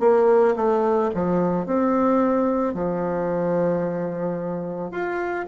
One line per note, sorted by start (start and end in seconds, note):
0.00 0.55 A#3
0.56 1.11 A3
1.15 1.66 F3
1.66 2.74 C4
2.74 4.91 F3
4.91 5.45 F4